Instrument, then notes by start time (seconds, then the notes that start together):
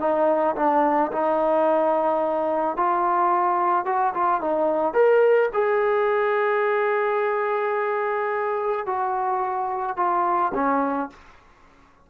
trombone
0.00 D#4
0.56 D4
1.12 D#4
2.77 F4
3.86 F#4
4.15 F4
4.41 D#4
4.94 A#4
5.54 G#4
8.87 F#4
9.97 F4
10.55 C#4